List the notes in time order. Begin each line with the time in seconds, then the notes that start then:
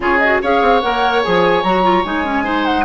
0.00 C#3 F4 G#4 C#5
0.18 F#4 D#5
0.41 C#4 G#4 C#5 F5
0.61 C4
0.81 A#3 A#4 F#5
1.22 F3 G#4 G#5
1.63 F#3 F#4 A#5
1.83 F4
2.04 G#3 D#4 G#5
2.24 C#4
2.44 D#4 C5
2.65 F#5